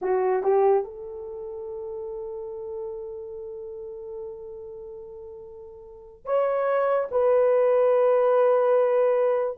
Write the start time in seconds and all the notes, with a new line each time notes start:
0.01 F#4
0.43 G4
0.84 A4
6.25 C#5
7.11 B4